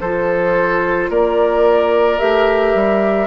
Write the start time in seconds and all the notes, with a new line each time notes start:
0.00 F3 F4 A4 C5
1.09 A#3 A#4 D5
2.19 A3 G4 E5
2.74 G3